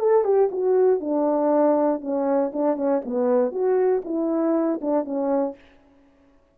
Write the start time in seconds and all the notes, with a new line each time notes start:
0.00 A4
0.25 G4
0.52 F#4
1.01 D4
2.01 C#4
2.53 D4
2.77 C#4
3.05 B3
3.52 F#4
4.05 E4
4.82 D4
5.05 C#4